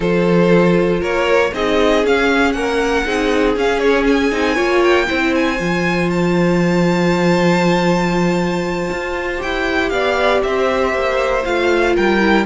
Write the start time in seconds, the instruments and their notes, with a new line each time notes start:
0.00 cello F3, viola F4, violin A4 C5
1.00 cello A#3, violin A#4 C#5
1.53 cello C4, viola D#4, violin G#4 D#5
2.04 cello C#4, viola C#4, violin F5
2.52 cello A#3, violin A#4 F#5
3.05 cello C4, viola D#4, violin G#4
3.56 viola C#4, cello C#4, violin F5
3.79 violin C#5
4.07 violin G#5
4.31 cello C4, viola D#4
4.54 cello A#3, viola F4, violin C#5
4.83 violin G5
5.07 cello C4, viola E4, violin C5
5.35 violin G#5
5.58 cello F3, viola F4
6.10 violin A5
8.91 cello F4
9.37 cello E4, viola G4, violin G5
9.89 cello B3, violin D5 F5
10.43 cello C4, violin C5 E5
10.93 cello A#3
11.44 cello A3, viola F4, violin F5
11.95 cello G3, violin A#4 G5
12.20 viola E4